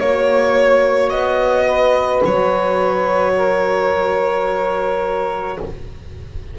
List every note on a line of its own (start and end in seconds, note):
0.00 1.11 A#3
0.00 5.57 F#4
0.00 1.10 C#5
0.00 1.66 C#5
1.10 2.22 B3
1.10 2.21 D#5
1.66 3.33 B4
2.25 5.58 F#3
2.25 5.58 C#5
3.37 5.59 A#4